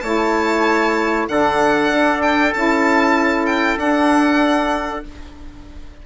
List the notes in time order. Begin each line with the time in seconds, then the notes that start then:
0.00 A3 E4 C#5 A5
1.27 D3 D4 A4 F#5
1.91 D4
2.22 G5
2.54 C#4 E4 A5
3.46 G5
3.77 D4 F#5